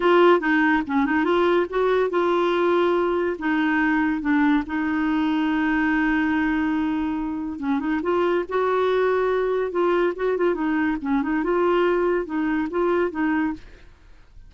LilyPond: \new Staff \with { instrumentName = "clarinet" } { \time 4/4 \tempo 4 = 142 f'4 dis'4 cis'8 dis'8 f'4 | fis'4 f'2. | dis'2 d'4 dis'4~ | dis'1~ |
dis'2 cis'8 dis'8 f'4 | fis'2. f'4 | fis'8 f'8 dis'4 cis'8 dis'8 f'4~ | f'4 dis'4 f'4 dis'4 | }